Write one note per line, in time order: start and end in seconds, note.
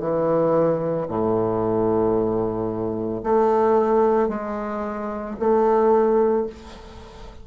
0.00 1.07 E3
1.08 3.22 A2
3.23 4.29 A3
4.29 5.36 G#3
5.40 6.47 A3